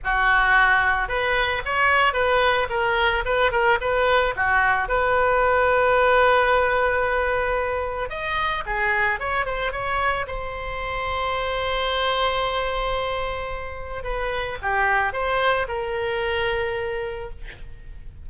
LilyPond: \new Staff \with { instrumentName = "oboe" } { \time 4/4 \tempo 4 = 111 fis'2 b'4 cis''4 | b'4 ais'4 b'8 ais'8 b'4 | fis'4 b'2.~ | b'2. dis''4 |
gis'4 cis''8 c''8 cis''4 c''4~ | c''1~ | c''2 b'4 g'4 | c''4 ais'2. | }